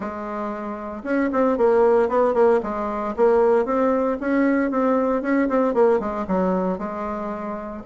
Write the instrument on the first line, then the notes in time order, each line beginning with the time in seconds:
bassoon
0.00 G#3
1.03 C#4
1.32 C4
1.57 A#3
2.08 B3
2.33 A#3
2.62 G#3
3.16 A#3
3.65 C4
4.20 C#4
4.70 C4
5.22 C#4
5.49 C4
5.74 A#3
5.99 G#3
6.27 F#3
6.78 G#3